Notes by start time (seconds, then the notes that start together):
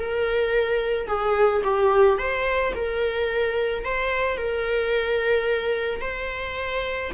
0.00 A#4
1.07 G#4
1.64 G4
2.18 C5
2.75 A#4
3.85 C5
4.37 A#4
6.01 C5